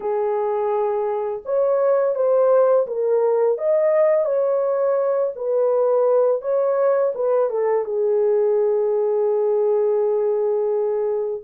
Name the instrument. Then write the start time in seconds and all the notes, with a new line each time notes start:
horn
0.00 G#4
1.45 C#5
2.15 C5
2.86 A#4
3.57 D#5
4.25 C#5
5.35 B4
6.41 C#5
7.14 B4
7.50 A4
7.84 G#4